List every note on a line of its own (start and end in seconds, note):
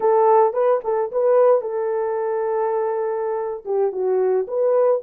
0.00 0.53 A4
0.53 0.80 B4
0.84 1.11 A4
1.11 1.61 B4
1.61 3.64 A4
3.65 3.92 G4
3.92 4.46 F#4
4.47 5.01 B4